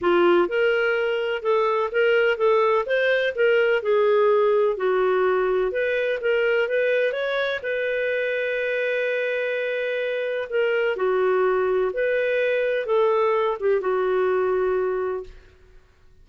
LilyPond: \new Staff \with { instrumentName = "clarinet" } { \time 4/4 \tempo 4 = 126 f'4 ais'2 a'4 | ais'4 a'4 c''4 ais'4 | gis'2 fis'2 | b'4 ais'4 b'4 cis''4 |
b'1~ | b'2 ais'4 fis'4~ | fis'4 b'2 a'4~ | a'8 g'8 fis'2. | }